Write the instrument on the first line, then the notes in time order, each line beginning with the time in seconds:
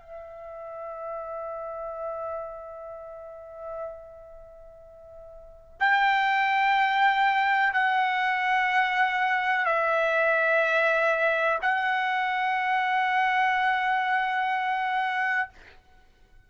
trumpet
0.00 E5
5.80 G5
7.73 F#5
9.65 E5
11.62 F#5